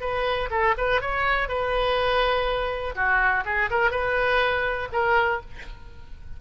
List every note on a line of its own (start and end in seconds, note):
0.00 0.49 B4
0.50 0.75 A4
0.77 1.01 B4
1.01 1.48 C#5
1.48 2.94 B4
2.95 3.44 F#4
3.45 3.69 G#4
3.70 3.91 A#4
3.91 4.88 B4
4.92 5.41 A#4